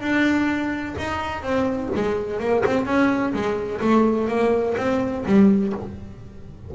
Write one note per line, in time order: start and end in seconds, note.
0.00 0.94 D4
0.98 1.42 D#4
1.42 1.89 C4
1.95 2.39 G#3
2.39 2.63 A#3
2.65 2.85 C4
2.85 3.33 C#4
3.33 3.80 G#3
3.81 4.28 A3
4.28 4.75 A#3
4.77 5.24 C4
5.25 5.73 G3